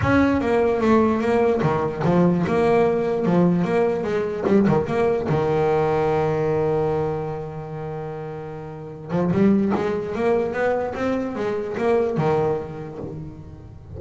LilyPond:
\new Staff \with { instrumentName = "double bass" } { \time 4/4 \tempo 4 = 148 cis'4 ais4 a4 ais4 | dis4 f4 ais2 | f4 ais4 gis4 g8 dis8 | ais4 dis2.~ |
dis1~ | dis2~ dis8 f8 g4 | gis4 ais4 b4 c'4 | gis4 ais4 dis2 | }